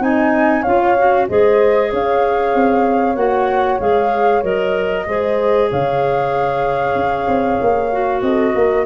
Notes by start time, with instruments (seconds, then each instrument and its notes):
0.00 tuba C4, clarinet D#4, horn D#5, flute G#5
0.62 tuba C#4, clarinet F4, horn C#5, flute F5
0.98 clarinet F#4
1.29 tuba G#3, clarinet G#4, horn C5, flute D#5
1.91 tuba C#4, horn C#5, flute F5
2.55 tuba C4
3.16 tuba A#3, clarinet F#4, flute F#5
3.80 tuba G#3, clarinet G#4, flute F5
4.43 tuba F#3, clarinet A#4, flute D#5
5.07 tuba G#3, clarinet G#4, horn C5
5.71 tuba C#3, horn C#5, flute F5
6.96 tuba C#4
7.28 tuba C4
7.61 tuba A#3
7.92 clarinet F#4
8.22 tuba C4, horn A4, flute D#5
8.55 tuba A#3, horn A#4